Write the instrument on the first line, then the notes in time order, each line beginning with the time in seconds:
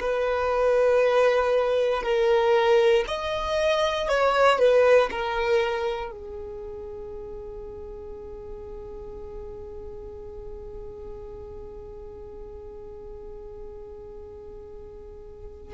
violin
0.00 B4
2.03 A#4
3.08 D#5
4.08 C#5
4.59 B4
5.11 A#4
6.11 G#4